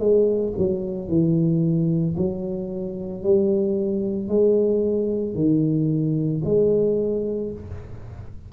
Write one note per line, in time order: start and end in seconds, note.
0.00 0.54 G#3
0.58 1.09 F#3
1.09 2.16 E3
2.17 3.23 F#3
3.23 4.29 G3
4.29 5.35 G#3
5.35 6.42 D#3
6.45 7.52 G#3